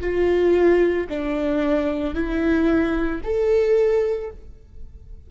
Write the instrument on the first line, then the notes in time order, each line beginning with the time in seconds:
viola
0.00 F4
1.09 D4
2.14 E4
3.23 A4